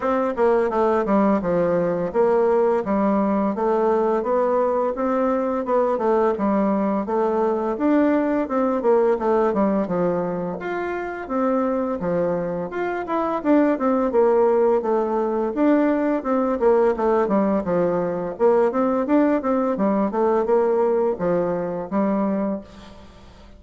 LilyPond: \new Staff \with { instrumentName = "bassoon" } { \time 4/4 \tempo 4 = 85 c'8 ais8 a8 g8 f4 ais4 | g4 a4 b4 c'4 | b8 a8 g4 a4 d'4 | c'8 ais8 a8 g8 f4 f'4 |
c'4 f4 f'8 e'8 d'8 c'8 | ais4 a4 d'4 c'8 ais8 | a8 g8 f4 ais8 c'8 d'8 c'8 | g8 a8 ais4 f4 g4 | }